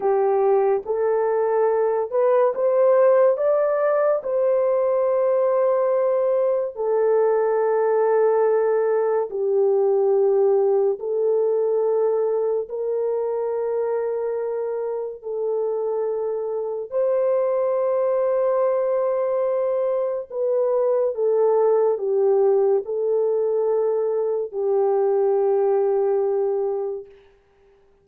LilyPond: \new Staff \with { instrumentName = "horn" } { \time 4/4 \tempo 4 = 71 g'4 a'4. b'8 c''4 | d''4 c''2. | a'2. g'4~ | g'4 a'2 ais'4~ |
ais'2 a'2 | c''1 | b'4 a'4 g'4 a'4~ | a'4 g'2. | }